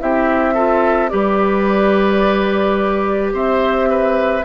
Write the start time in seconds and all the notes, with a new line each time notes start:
0.00 C4 E4 G4 E5
0.55 F4 A4
1.09 G3 G4 B4 D5
3.33 C4 C5 E5
3.90 B4